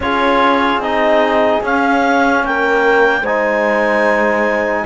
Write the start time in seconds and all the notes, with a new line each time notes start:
0.00 C#4 F4 G#4 C#5
0.77 C4 D#4 D#5
1.62 C#4 F5
2.43 A#3 A#4 G5
3.21 G#3 D#4 C5 G#5